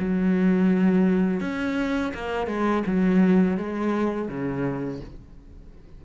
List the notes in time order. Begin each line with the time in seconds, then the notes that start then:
0.00 F#3
1.41 C#4
2.15 A#3
2.47 G#3
2.87 F#3
3.58 G#3
4.29 C#3